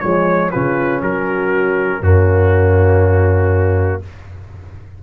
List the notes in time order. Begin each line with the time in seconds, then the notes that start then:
0.00 F3 G#3 C#5
0.51 C#3 C#4 F4 B4
1.01 F#3 F#4 A#4
2.00 F#2 A#3 C#4 F#4